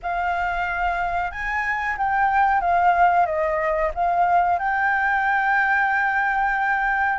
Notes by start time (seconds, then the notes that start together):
0.02 F5
1.31 G#5
1.97 G5
2.60 F5
3.26 D#5
3.94 F5
4.58 G5